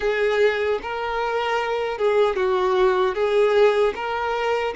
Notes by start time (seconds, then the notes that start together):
0.00 G#4
0.81 A#4
1.98 G#4
2.35 F#4
3.14 G#4
3.95 A#4